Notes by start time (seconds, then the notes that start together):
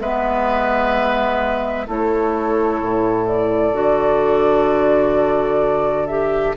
0.00 G#3 B3 B4 E5
1.86 A3 E4 A4 C#5
2.81 A2
3.27 D5
3.72 D3 F#4
6.07 G4 E5